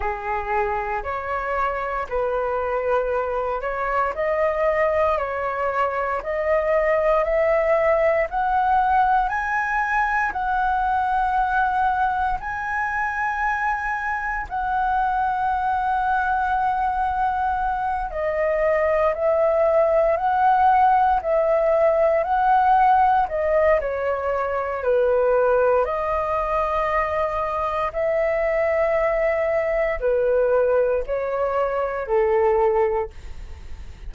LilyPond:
\new Staff \with { instrumentName = "flute" } { \time 4/4 \tempo 4 = 58 gis'4 cis''4 b'4. cis''8 | dis''4 cis''4 dis''4 e''4 | fis''4 gis''4 fis''2 | gis''2 fis''2~ |
fis''4. dis''4 e''4 fis''8~ | fis''8 e''4 fis''4 dis''8 cis''4 | b'4 dis''2 e''4~ | e''4 b'4 cis''4 a'4 | }